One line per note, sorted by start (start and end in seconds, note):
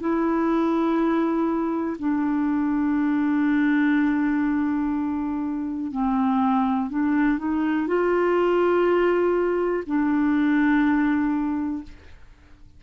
0.00 1.97 E4
1.99 5.92 D4
5.92 6.90 C4
6.90 7.38 D4
7.38 7.87 D#4
7.87 9.84 F4
9.86 11.83 D4